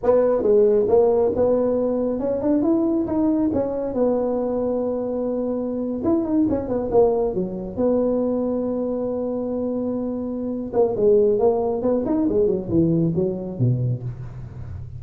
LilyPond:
\new Staff \with { instrumentName = "tuba" } { \time 4/4 \tempo 4 = 137 b4 gis4 ais4 b4~ | b4 cis'8 d'8 e'4 dis'4 | cis'4 b2.~ | b4.~ b16 e'8 dis'8 cis'8 b8 ais16~ |
ais8. fis4 b2~ b16~ | b1~ | b8 ais8 gis4 ais4 b8 dis'8 | gis8 fis8 e4 fis4 b,4 | }